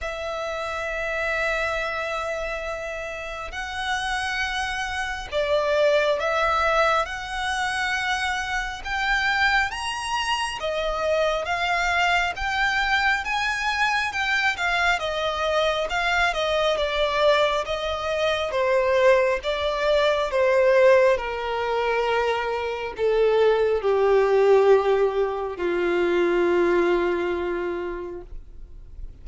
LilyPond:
\new Staff \with { instrumentName = "violin" } { \time 4/4 \tempo 4 = 68 e''1 | fis''2 d''4 e''4 | fis''2 g''4 ais''4 | dis''4 f''4 g''4 gis''4 |
g''8 f''8 dis''4 f''8 dis''8 d''4 | dis''4 c''4 d''4 c''4 | ais'2 a'4 g'4~ | g'4 f'2. | }